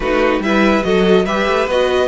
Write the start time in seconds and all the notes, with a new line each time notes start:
0.00 A3 D#4 F#4 B4
0.39 G3 E4 B4 E5
0.83 F#3 F#4 A4 D#5
1.25 G3 G4 B4 E5
1.48 A3
1.67 B3 F#4 D#5